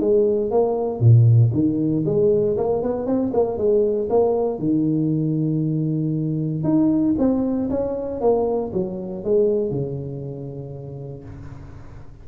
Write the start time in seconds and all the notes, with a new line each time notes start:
0.00 G#3
0.51 A#3
1.00 A#2
1.53 D#3
2.06 G#3
2.57 A#3
2.82 B3
3.07 C4
3.34 A#3
3.58 G#3
4.10 A#3
4.59 D#3
6.64 D#4
7.19 C4
7.70 C#4
8.21 A#3
8.73 F#3
9.24 G#3
9.71 C#3